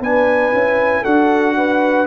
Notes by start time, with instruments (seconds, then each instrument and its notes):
0.00 tuba B3, trombone D4, horn B4, trumpet G#5
0.53 tuba C#4, trombone E4
1.02 tuba D4, trombone F#4, horn A4, trumpet F#5
1.57 horn B4